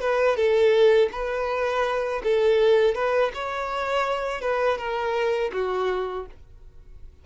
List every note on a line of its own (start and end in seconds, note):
0.00 0.36 B4
0.36 1.09 A4
1.12 2.22 B4
2.23 2.95 A4
2.95 3.31 B4
3.34 4.41 C#5
4.41 4.78 B4
4.78 5.51 A#4
5.52 6.26 F#4